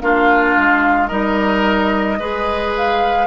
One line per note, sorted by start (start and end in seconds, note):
0.00 0.56 A#3
0.00 1.09 D4
0.00 1.07 F4
0.00 1.07 F5
0.56 1.11 G#3
1.07 2.19 G3
1.07 2.18 D#4
1.07 2.16 A#4
1.07 2.70 D#5
2.19 3.27 G#3
2.19 3.27 G#4
2.19 3.27 B4
2.77 3.27 F5